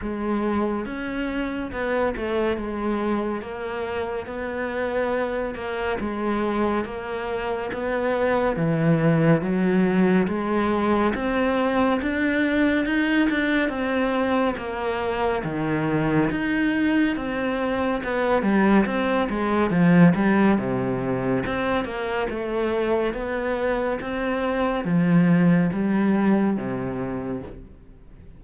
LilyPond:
\new Staff \with { instrumentName = "cello" } { \time 4/4 \tempo 4 = 70 gis4 cis'4 b8 a8 gis4 | ais4 b4. ais8 gis4 | ais4 b4 e4 fis4 | gis4 c'4 d'4 dis'8 d'8 |
c'4 ais4 dis4 dis'4 | c'4 b8 g8 c'8 gis8 f8 g8 | c4 c'8 ais8 a4 b4 | c'4 f4 g4 c4 | }